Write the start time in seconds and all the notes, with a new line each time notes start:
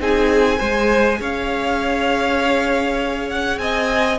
0.00 C4 D#4 G#4 G#5
0.58 G#3 G#4 C5
1.21 C#4 C#5 F5
3.30 F#5
3.58 C4 D#5 G#5